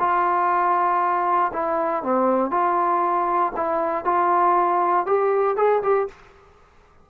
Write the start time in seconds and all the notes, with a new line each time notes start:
0.00 F4
1.54 E4
2.03 C4
2.51 F4
3.57 E4
4.05 F4
5.07 G4
5.57 G#4
5.83 G4